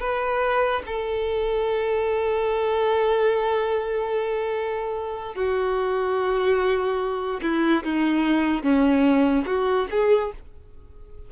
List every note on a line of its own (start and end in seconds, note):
0.00 0.82 B4
0.86 5.35 A4
5.35 7.40 F#4
7.42 7.83 E4
7.84 8.63 D#4
8.63 9.45 C#4
9.46 9.87 F#4
9.91 10.32 G#4